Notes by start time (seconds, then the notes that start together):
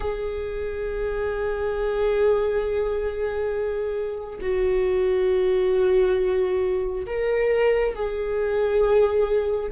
0.00 G#4
4.41 F#4
7.06 A#4
7.95 G#4